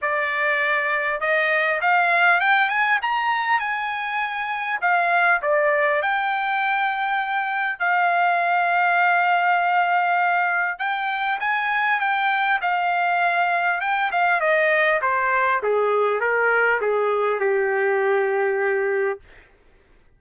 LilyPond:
\new Staff \with { instrumentName = "trumpet" } { \time 4/4 \tempo 4 = 100 d''2 dis''4 f''4 | g''8 gis''8 ais''4 gis''2 | f''4 d''4 g''2~ | g''4 f''2.~ |
f''2 g''4 gis''4 | g''4 f''2 g''8 f''8 | dis''4 c''4 gis'4 ais'4 | gis'4 g'2. | }